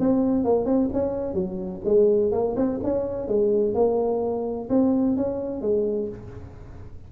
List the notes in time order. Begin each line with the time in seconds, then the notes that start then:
0.00 C4
0.45 A#3
0.66 C4
0.93 C#4
1.34 F#3
1.85 G#3
2.32 A#3
2.56 C4
2.84 C#4
3.28 G#3
3.75 A#3
4.70 C4
5.17 C#4
5.62 G#3